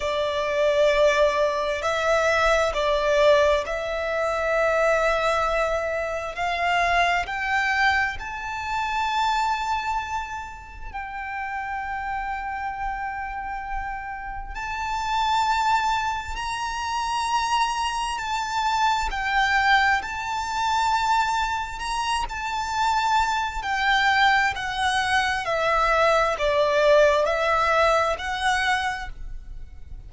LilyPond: \new Staff \with { instrumentName = "violin" } { \time 4/4 \tempo 4 = 66 d''2 e''4 d''4 | e''2. f''4 | g''4 a''2. | g''1 |
a''2 ais''2 | a''4 g''4 a''2 | ais''8 a''4. g''4 fis''4 | e''4 d''4 e''4 fis''4 | }